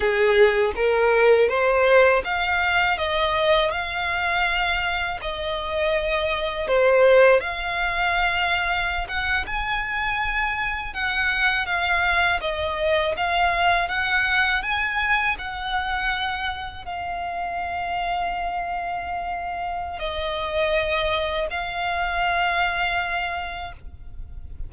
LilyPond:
\new Staff \with { instrumentName = "violin" } { \time 4/4 \tempo 4 = 81 gis'4 ais'4 c''4 f''4 | dis''4 f''2 dis''4~ | dis''4 c''4 f''2~ | f''16 fis''8 gis''2 fis''4 f''16~ |
f''8. dis''4 f''4 fis''4 gis''16~ | gis''8. fis''2 f''4~ f''16~ | f''2. dis''4~ | dis''4 f''2. | }